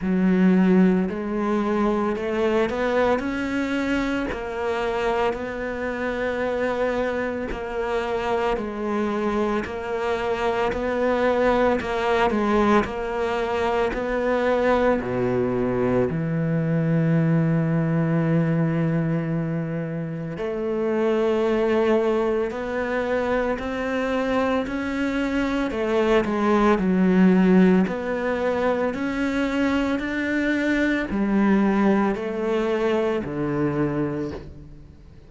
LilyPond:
\new Staff \with { instrumentName = "cello" } { \time 4/4 \tempo 4 = 56 fis4 gis4 a8 b8 cis'4 | ais4 b2 ais4 | gis4 ais4 b4 ais8 gis8 | ais4 b4 b,4 e4~ |
e2. a4~ | a4 b4 c'4 cis'4 | a8 gis8 fis4 b4 cis'4 | d'4 g4 a4 d4 | }